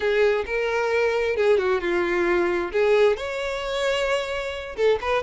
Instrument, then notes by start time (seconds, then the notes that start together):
violin
0.00 G#4
0.45 A#4
1.36 G#4
1.58 F#4
1.80 F4
2.71 G#4
3.17 C#5
4.76 A4
5.01 B4